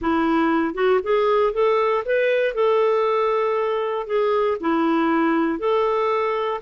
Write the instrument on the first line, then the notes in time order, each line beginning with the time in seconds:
clarinet
0.01 E4
0.74 F#4
1.03 G#4
1.53 A4
2.05 B4
2.54 A4
4.06 G#4
4.60 E4
5.59 A4